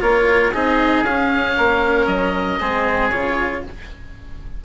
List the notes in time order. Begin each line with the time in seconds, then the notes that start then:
0.00 A#3 F4 A#4 C#5
0.53 C4 D#4 G#4 D#5
1.03 C#4 F5
1.57 A#3 A#4
2.06 F#3 D#5
2.60 G#3 C4 G#4
3.10 C#3 F4 C#5